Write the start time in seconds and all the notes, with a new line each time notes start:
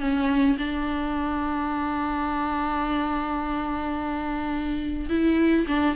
0.00 C#4
0.58 D4
5.09 E4
5.67 D4